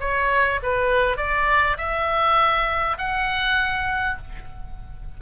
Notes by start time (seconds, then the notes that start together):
0.00 C#5
0.62 B4
1.17 D5
1.77 E5
2.98 F#5